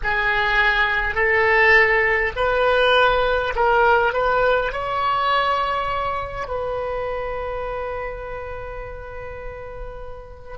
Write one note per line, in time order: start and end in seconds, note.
0.03 1.14 G#4
1.14 2.32 A4
2.35 3.53 B4
3.55 4.13 A#4
4.13 4.72 B4
4.72 6.47 C#5
6.47 10.58 B4